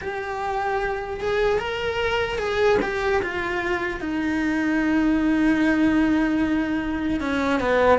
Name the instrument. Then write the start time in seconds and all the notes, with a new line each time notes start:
cello
0.01 G4
1.20 G#4
1.59 A#4
2.38 G#4
2.81 G4
3.22 F4
4.00 D#4
7.20 C#4
7.60 B3